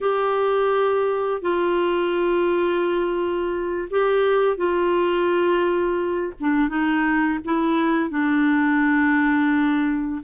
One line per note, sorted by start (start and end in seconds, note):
0.00 1.41 G4
1.41 3.88 F4
3.90 4.57 G4
4.57 6.33 F4
6.39 6.68 D4
6.68 7.39 D#4
7.44 8.10 E4
8.10 10.21 D4